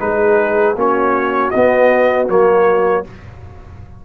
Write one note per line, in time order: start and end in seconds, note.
0.00 0.76 G#3
0.00 0.76 D#4
0.00 0.77 G#4
0.00 0.76 B4
0.76 1.52 A#3
0.76 1.53 C#4
0.76 3.05 F#4
0.76 1.51 C#5
1.51 2.29 B3
1.51 2.27 D#5
2.29 3.05 F#3
2.29 3.05 A#3
2.29 3.06 C#5